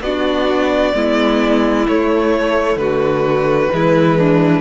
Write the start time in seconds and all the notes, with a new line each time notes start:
0.00 B3 D4 F#4 D5
0.93 G#3 B3 E4
1.88 A3 C#5
2.76 D3 F#4 B4
3.71 E3 G#3 E4
4.18 D4